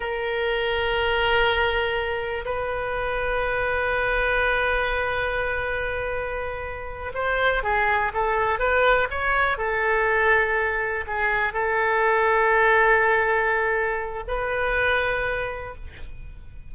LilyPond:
\new Staff \with { instrumentName = "oboe" } { \time 4/4 \tempo 4 = 122 ais'1~ | ais'4 b'2.~ | b'1~ | b'2~ b'8 c''4 gis'8~ |
gis'8 a'4 b'4 cis''4 a'8~ | a'2~ a'8 gis'4 a'8~ | a'1~ | a'4 b'2. | }